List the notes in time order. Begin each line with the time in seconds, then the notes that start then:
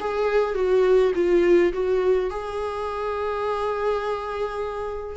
0.00 G#4
0.54 F#4
1.15 F4
1.73 F#4
2.30 G#4